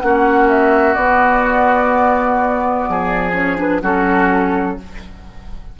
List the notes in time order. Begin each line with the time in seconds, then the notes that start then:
0.00 A#3 C#4 F#4 F#5
0.49 E5
0.94 B3 D5
2.88 F3 G#4
3.34 C#4 C#5
3.56 D4 B4
3.82 F#3 C#4 F#4 A4